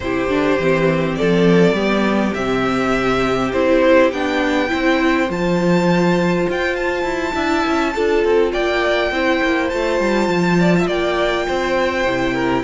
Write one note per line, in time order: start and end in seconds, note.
0.00 0.27 C3
0.00 0.29 E4
0.00 1.18 G4
0.00 1.15 C5
0.28 0.57 D3
0.28 0.58 D4
0.58 1.17 E3
0.58 1.76 C4
1.15 1.75 A4
1.15 2.33 D5
1.21 1.72 F3
1.72 2.31 G3
1.72 2.34 B3
1.72 4.69 G4
2.34 3.52 C3
2.34 3.53 C4
2.34 3.51 E5
3.52 4.12 C4
3.52 4.12 E4
3.52 4.11 C5
4.12 4.71 B3
4.12 4.68 D4
4.12 5.30 G5
4.68 5.29 C4
4.68 5.26 E4
4.68 7.34 C5
5.29 6.47 F3
5.29 7.33 F4
5.29 6.48 A5
6.49 7.03 F4
6.49 6.76 G5
6.76 8.52 A5
7.03 7.32 E4
7.33 7.64 D4
7.33 7.92 E4
7.33 7.93 E5
7.66 7.96 C#4
7.95 8.24 D4
7.95 9.13 F4
7.95 8.52 A4
8.24 8.53 C4
8.52 9.11 A#3
8.52 9.11 D5
8.52 9.69 G5
9.11 9.40 C4
9.11 9.72 E4
9.11 10.60 C5
9.43 9.72 A#3
9.69 10.00 A3
9.69 12.06 F4
9.69 10.87 A5
10.00 10.27 G3
10.27 10.86 F3
10.60 10.74 D5
10.78 10.87 E5
10.87 11.46 A#3
10.87 11.45 D5
10.87 12.64 G5
11.47 12.04 C4
11.47 12.34 C5
12.04 12.63 C3
12.04 12.64 E4
12.34 12.63 A#4